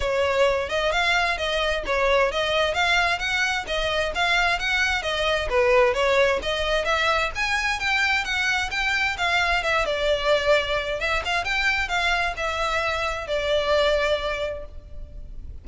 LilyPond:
\new Staff \with { instrumentName = "violin" } { \time 4/4 \tempo 4 = 131 cis''4. dis''8 f''4 dis''4 | cis''4 dis''4 f''4 fis''4 | dis''4 f''4 fis''4 dis''4 | b'4 cis''4 dis''4 e''4 |
gis''4 g''4 fis''4 g''4 | f''4 e''8 d''2~ d''8 | e''8 f''8 g''4 f''4 e''4~ | e''4 d''2. | }